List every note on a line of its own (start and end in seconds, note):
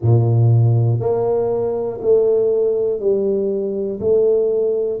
0.02 1.00 A#2
1.00 2.00 A#3
2.00 3.00 A3
3.00 4.00 G3
4.00 5.00 A3